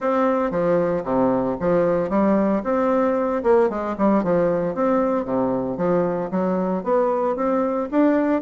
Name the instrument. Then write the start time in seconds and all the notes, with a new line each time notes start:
bassoon
0.00 C4
0.50 F3
1.04 C3
1.60 F3
2.09 G3
2.63 C4
3.43 A#3
3.69 G#3
3.97 G3
4.23 F3
4.74 C4
5.25 C3
5.77 F3
6.30 F#3
6.83 B3
7.36 C4
7.91 D4